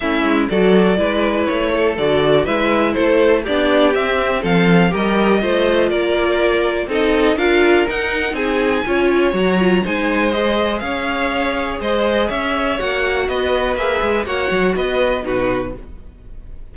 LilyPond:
<<
  \new Staff \with { instrumentName = "violin" } { \time 4/4 \tempo 4 = 122 e''4 d''2 cis''4 | d''4 e''4 c''4 d''4 | e''4 f''4 dis''2 | d''2 dis''4 f''4 |
fis''4 gis''2 ais''4 | gis''4 dis''4 f''2 | dis''4 e''4 fis''4 dis''4 | e''4 fis''4 dis''4 b'4 | }
  \new Staff \with { instrumentName = "violin" } { \time 4/4 e'4 a'4 b'4. a'8~ | a'4 b'4 a'4 g'4~ | g'4 a'4 ais'4 c''4 | ais'2 a'4 ais'4~ |
ais'4 gis'4 cis''2 | c''2 cis''2 | c''4 cis''2 b'4~ | b'4 cis''4 b'4 fis'4 | }
  \new Staff \with { instrumentName = "viola" } { \time 4/4 cis'4 fis'4 e'2 | fis'4 e'2 d'4 | c'2 g'4 f'4~ | f'2 dis'4 f'4 |
dis'2 f'4 fis'8 f'8 | dis'4 gis'2.~ | gis'2 fis'2 | gis'4 fis'2 dis'4 | }
  \new Staff \with { instrumentName = "cello" } { \time 4/4 a8 gis8 fis4 gis4 a4 | d4 gis4 a4 b4 | c'4 f4 g4 a4 | ais2 c'4 d'4 |
dis'4 c'4 cis'4 fis4 | gis2 cis'2 | gis4 cis'4 ais4 b4 | ais8 gis8 ais8 fis8 b4 b,4 | }
>>